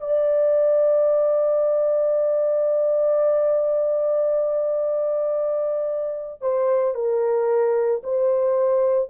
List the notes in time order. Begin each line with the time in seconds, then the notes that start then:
0.00 D5
6.41 C5
6.94 A#4
8.03 C5